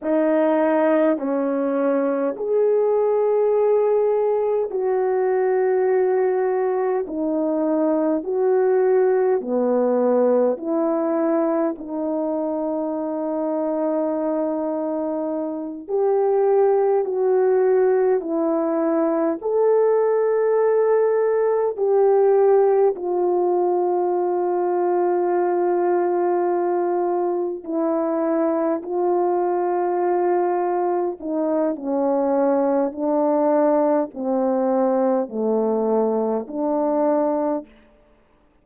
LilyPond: \new Staff \with { instrumentName = "horn" } { \time 4/4 \tempo 4 = 51 dis'4 cis'4 gis'2 | fis'2 dis'4 fis'4 | b4 e'4 dis'2~ | dis'4. g'4 fis'4 e'8~ |
e'8 a'2 g'4 f'8~ | f'2.~ f'8 e'8~ | e'8 f'2 dis'8 cis'4 | d'4 c'4 a4 d'4 | }